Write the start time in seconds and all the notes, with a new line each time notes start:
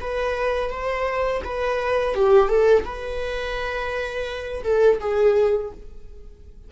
0.00 B4
0.70 C5
1.44 B4
2.15 G4
2.48 A4
2.84 B4
4.63 A4
5.00 G#4